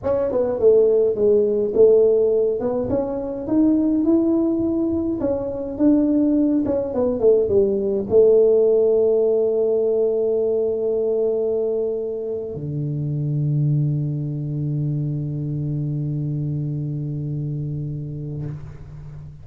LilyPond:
\new Staff \with { instrumentName = "tuba" } { \time 4/4 \tempo 4 = 104 cis'8 b8 a4 gis4 a4~ | a8 b8 cis'4 dis'4 e'4~ | e'4 cis'4 d'4. cis'8 | b8 a8 g4 a2~ |
a1~ | a4.~ a16 d2~ d16~ | d1~ | d1 | }